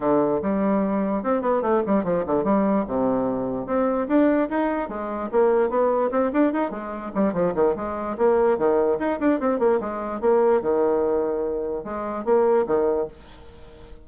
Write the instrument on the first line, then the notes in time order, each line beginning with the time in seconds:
bassoon
0.00 D3
0.41 G3
1.23 C4
1.41 B3
1.61 A3
1.86 G3
2.04 F3
2.26 D3
2.44 G3
2.87 C3
3.66 C4
4.07 D4
4.49 D#4
4.88 G#3
5.31 A#3
5.69 B3
6.11 C4
6.32 D4
6.53 D#4
6.70 G#3
7.14 G3
7.33 F3
7.54 D#3
7.76 G#3
8.17 A#3
8.58 D#3
8.99 D#4
9.19 D4
9.40 C4
9.59 A#3
9.80 G#3
10.20 A#3
10.61 D#3
11.84 G#3
12.24 A#3
12.66 D#3